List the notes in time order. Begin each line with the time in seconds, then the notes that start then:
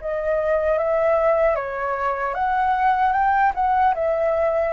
0.00 D#5
0.78 E5
1.55 C#5
2.34 F#5
3.12 G5
3.54 F#5
3.94 E5